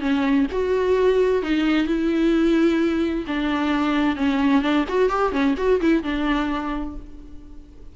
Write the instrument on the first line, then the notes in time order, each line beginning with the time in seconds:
viola
0.00 C#4
0.51 F#4
1.42 D#4
1.87 E4
3.27 D4
4.16 C#4
4.62 D4
4.88 F#4
5.09 G4
5.32 C#4
5.57 F#4
5.81 E4
6.03 D4